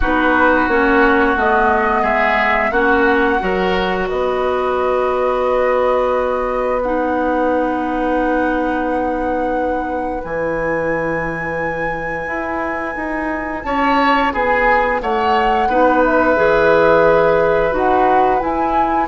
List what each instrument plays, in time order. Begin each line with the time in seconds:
0.00 bassoon B3, clarinet D#4, oboe F#4, flute B4
0.68 bassoon A#3, clarinet C#4, flute C#5
1.36 bassoon A3, clarinet B3, flute D#5
2.02 bassoon G#3, oboe G#4, flute E5
2.71 bassoon A#3, clarinet C#4, oboe F#4, flute F#5
3.39 bassoon F#3, clarinet F#4, oboe A#4
4.08 bassoon B3, oboe B4, flute D#5
6.82 clarinet D#4, flute F#5
10.20 bassoon E3, clarinet E4, flute G#5
12.27 bassoon E4
12.95 bassoon D#4
13.63 bassoon C#4, oboe C#5, flute A5
14.32 bassoon B3, oboe G#4, flute G#5
15.01 bassoon A3, oboe C#5, flute F#5
15.67 bassoon B3, clarinet D#4, oboe B4
16.04 flute E5
16.36 bassoon E3, clarinet G#4
17.71 bassoon D#4, clarinet F#4, flute F#5
18.39 clarinet E4, bassoon E4, flute G#5